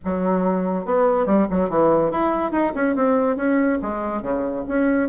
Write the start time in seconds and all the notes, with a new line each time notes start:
0.04 F#3
0.85 B3
1.25 G3
1.50 F#3
1.69 E3
2.11 E4
2.51 D#4
2.74 C#4
2.95 C4
3.36 C#4
3.82 G#3
4.22 C#3
4.68 C#4